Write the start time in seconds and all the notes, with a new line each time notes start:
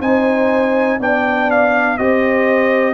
0.00 C4 D#4 C5 G#5
1.00 B3 D4 D5 G5
1.51 F5
1.98 C4 G4 C5 D#5